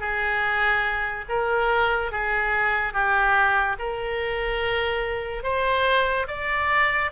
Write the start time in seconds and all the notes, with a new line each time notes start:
0.00 G#4
1.29 A#4
2.12 G#4
2.94 G4
3.79 A#4
5.44 C5
6.28 D5